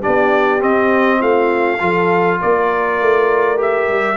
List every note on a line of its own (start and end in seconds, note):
0.00 0.60 D4
0.00 1.19 G4
0.00 0.62 D5
0.07 0.63 B3
0.60 1.79 C4
0.60 1.22 C4
0.60 1.22 D#5
1.20 1.81 A3
1.20 1.80 F4
1.20 2.41 F5
1.80 2.41 F3
1.80 3.57 F4
1.80 2.39 A4
2.42 3.01 A#3
2.42 4.17 A#4
2.42 3.60 D5
3.01 3.89 A3
3.57 4.17 G4
3.57 4.17 E5
3.89 4.17 G3